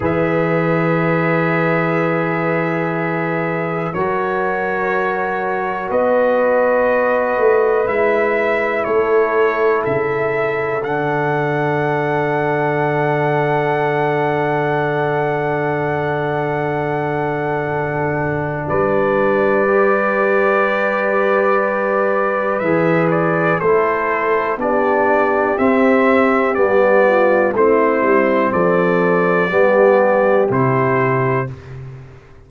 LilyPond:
<<
  \new Staff \with { instrumentName = "trumpet" } { \time 4/4 \tempo 4 = 61 e''1 | cis''2 dis''2 | e''4 cis''4 e''4 fis''4~ | fis''1~ |
fis''2. d''4~ | d''2. e''8 d''8 | c''4 d''4 e''4 d''4 | c''4 d''2 c''4 | }
  \new Staff \with { instrumentName = "horn" } { \time 4/4 b'1 | ais'2 b'2~ | b'4 a'2.~ | a'1~ |
a'2. b'4~ | b'1 | a'4 g'2~ g'8 f'8 | e'4 a'4 g'2 | }
  \new Staff \with { instrumentName = "trombone" } { \time 4/4 gis'1 | fis'1 | e'2. d'4~ | d'1~ |
d'1 | g'2. gis'4 | e'4 d'4 c'4 b4 | c'2 b4 e'4 | }
  \new Staff \with { instrumentName = "tuba" } { \time 4/4 e1 | fis2 b4. a8 | gis4 a4 cis4 d4~ | d1~ |
d2. g4~ | g2. e4 | a4 b4 c'4 g4 | a8 g8 f4 g4 c4 | }
>>